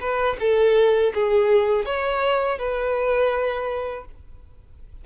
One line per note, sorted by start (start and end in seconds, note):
0.00 0.37 B4
0.40 1.13 A4
1.14 1.85 G#4
1.85 2.58 C#5
2.58 4.05 B4